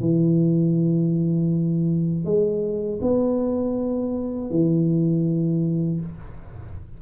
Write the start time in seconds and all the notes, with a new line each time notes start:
0.00 E3
2.24 G#3
3.01 B3
4.50 E3